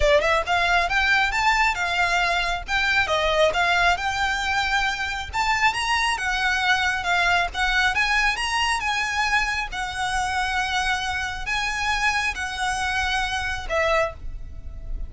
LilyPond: \new Staff \with { instrumentName = "violin" } { \time 4/4 \tempo 4 = 136 d''8 e''8 f''4 g''4 a''4 | f''2 g''4 dis''4 | f''4 g''2. | a''4 ais''4 fis''2 |
f''4 fis''4 gis''4 ais''4 | gis''2 fis''2~ | fis''2 gis''2 | fis''2. e''4 | }